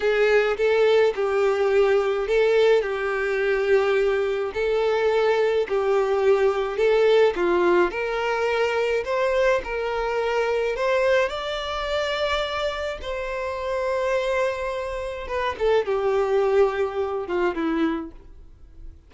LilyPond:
\new Staff \with { instrumentName = "violin" } { \time 4/4 \tempo 4 = 106 gis'4 a'4 g'2 | a'4 g'2. | a'2 g'2 | a'4 f'4 ais'2 |
c''4 ais'2 c''4 | d''2. c''4~ | c''2. b'8 a'8 | g'2~ g'8 f'8 e'4 | }